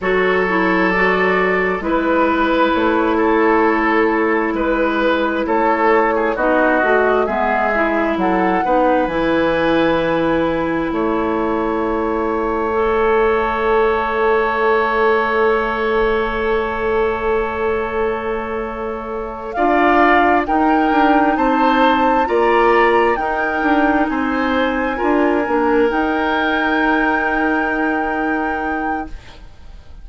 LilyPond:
<<
  \new Staff \with { instrumentName = "flute" } { \time 4/4 \tempo 4 = 66 cis''4 d''4 b'4 cis''4~ | cis''4 b'4 cis''4 dis''4 | e''4 fis''4 gis''2 | e''1~ |
e''1~ | e''4. f''4 g''4 a''8~ | a''8 ais''4 g''4 gis''4.~ | gis''8 g''2.~ g''8 | }
  \new Staff \with { instrumentName = "oboe" } { \time 4/4 a'2 b'4. a'8~ | a'4 b'4 a'8. gis'16 fis'4 | gis'4 a'8 b'2~ b'8 | cis''1~ |
cis''1~ | cis''4. d''4 ais'4 c''8~ | c''8 d''4 ais'4 c''4 ais'8~ | ais'1 | }
  \new Staff \with { instrumentName = "clarinet" } { \time 4/4 fis'8 e'8 fis'4 e'2~ | e'2. dis'8 fis'8 | b8 e'4 dis'8 e'2~ | e'2 a'2~ |
a'1~ | a'4. f'4 dis'4.~ | dis'8 f'4 dis'2 f'8 | d'8 dis'2.~ dis'8 | }
  \new Staff \with { instrumentName = "bassoon" } { \time 4/4 fis2 gis4 a4~ | a4 gis4 a4 b8 a8 | gis4 fis8 b8 e2 | a1~ |
a1~ | a4. d'4 dis'8 d'8 c'8~ | c'8 ais4 dis'8 d'8 c'4 d'8 | ais8 dis'2.~ dis'8 | }
>>